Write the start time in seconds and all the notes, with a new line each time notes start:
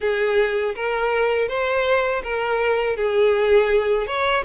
0.00 G#4
0.75 A#4
1.48 C5
2.23 A#4
2.96 G#4
4.06 C#5